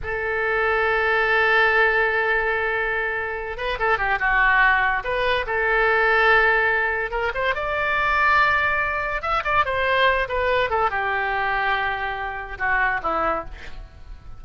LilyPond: \new Staff \with { instrumentName = "oboe" } { \time 4/4 \tempo 4 = 143 a'1~ | a'1~ | a'8 b'8 a'8 g'8 fis'2 | b'4 a'2.~ |
a'4 ais'8 c''8 d''2~ | d''2 e''8 d''8 c''4~ | c''8 b'4 a'8 g'2~ | g'2 fis'4 e'4 | }